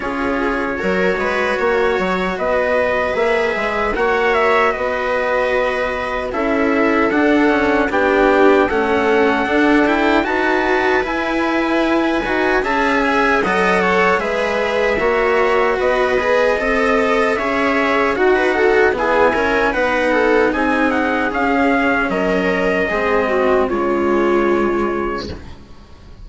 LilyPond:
<<
  \new Staff \with { instrumentName = "trumpet" } { \time 4/4 \tempo 4 = 76 cis''2. dis''4 | e''4 fis''8 e''8 dis''2 | e''4 fis''4 g''4 fis''4~ | fis''8 g''8 a''4 gis''2 |
a''8 gis''8 fis''4 e''2 | dis''2 e''4 fis''4 | gis''4 fis''4 gis''8 fis''8 f''4 | dis''2 cis''2 | }
  \new Staff \with { instrumentName = "viola" } { \time 4/4 gis'4 ais'8 b'8 cis''4 b'4~ | b'4 cis''4 b'2 | a'2 g'4 a'4~ | a'4 b'2. |
e''4 dis''8 cis''8 b'4 cis''4 | b'4 dis''4 cis''4 fis'16 b'16 a'8 | gis'8 ais'8 b'8 a'8 gis'2 | ais'4 gis'8 fis'8 f'2 | }
  \new Staff \with { instrumentName = "cello" } { \time 4/4 f'4 fis'2. | gis'4 fis'2. | e'4 d'8 cis'8 d'4 cis'4 | d'8 e'8 fis'4 e'4. fis'8 |
gis'4 a'4 gis'4 fis'4~ | fis'8 gis'8 a'4 gis'4 fis'4 | b8 cis'8 dis'2 cis'4~ | cis'4 c'4 gis2 | }
  \new Staff \with { instrumentName = "bassoon" } { \time 4/4 cis'4 fis8 gis8 ais8 fis8 b4 | ais8 gis8 ais4 b2 | cis'4 d'4 b4 a4 | d'4 dis'4 e'4. dis'8 |
cis'4 fis4 gis4 ais4 | b4 c'4 cis'4 dis'4 | e'4 b4 c'4 cis'4 | fis4 gis4 cis2 | }
>>